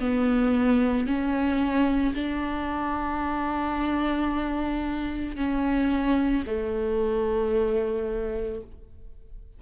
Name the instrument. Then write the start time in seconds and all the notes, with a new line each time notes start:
viola
0.00 B3
1.07 C#4
2.15 D4
5.37 C#4
6.47 A3